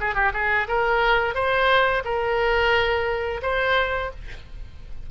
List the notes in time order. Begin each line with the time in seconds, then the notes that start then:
0.00 G#4
0.15 G4
0.33 G#4
0.68 A#4
1.35 C5
2.05 A#4
3.42 C5